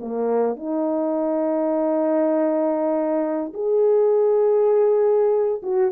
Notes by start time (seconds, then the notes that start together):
0.00 A#3
0.56 D#4
3.54 G#4
5.63 F#4